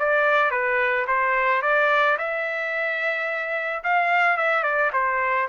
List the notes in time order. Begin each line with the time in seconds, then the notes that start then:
0.00 D5
0.51 B4
1.08 C5
1.63 D5
2.19 E5
3.84 F5
4.38 E5
4.64 D5
4.93 C5